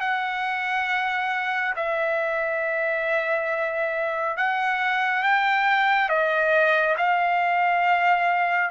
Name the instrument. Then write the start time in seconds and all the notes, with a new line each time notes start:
trumpet
0.00 F#5
1.76 E5
4.37 F#5
5.23 G5
6.09 D#5
6.97 F5